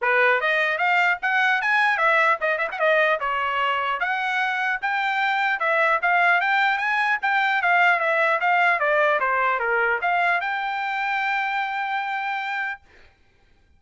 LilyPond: \new Staff \with { instrumentName = "trumpet" } { \time 4/4 \tempo 4 = 150 b'4 dis''4 f''4 fis''4 | gis''4 e''4 dis''8 e''16 fis''16 dis''4 | cis''2 fis''2 | g''2 e''4 f''4 |
g''4 gis''4 g''4 f''4 | e''4 f''4 d''4 c''4 | ais'4 f''4 g''2~ | g''1 | }